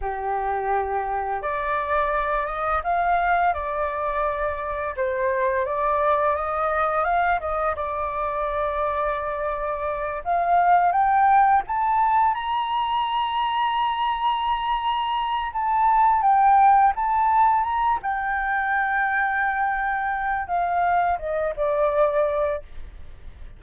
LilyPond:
\new Staff \with { instrumentName = "flute" } { \time 4/4 \tempo 4 = 85 g'2 d''4. dis''8 | f''4 d''2 c''4 | d''4 dis''4 f''8 dis''8 d''4~ | d''2~ d''8 f''4 g''8~ |
g''8 a''4 ais''2~ ais''8~ | ais''2 a''4 g''4 | a''4 ais''8 g''2~ g''8~ | g''4 f''4 dis''8 d''4. | }